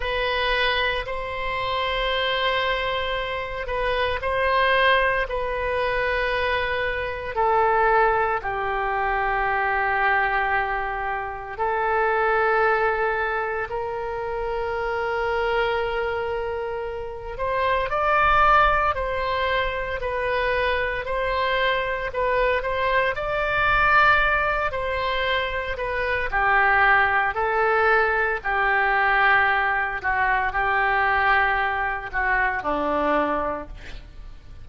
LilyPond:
\new Staff \with { instrumentName = "oboe" } { \time 4/4 \tempo 4 = 57 b'4 c''2~ c''8 b'8 | c''4 b'2 a'4 | g'2. a'4~ | a'4 ais'2.~ |
ais'8 c''8 d''4 c''4 b'4 | c''4 b'8 c''8 d''4. c''8~ | c''8 b'8 g'4 a'4 g'4~ | g'8 fis'8 g'4. fis'8 d'4 | }